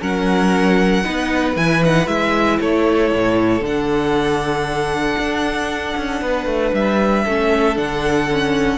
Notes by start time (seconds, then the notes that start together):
0.00 F#3 C#4 A#4 F#5
1.03 B3 D#4 B4
1.56 E3 E4 G#5
1.83 D#4 F#5
2.06 G#3 E4 E5
2.60 A3 A4 C#5
3.13 A2
3.60 D3 D4 F#5
5.17 D4
5.96 C#4
6.21 B3 B4
6.46 A3
6.73 G3 E5
7.24 A3 C#4 A4
7.75 D3 D4 F#5
8.31 C#4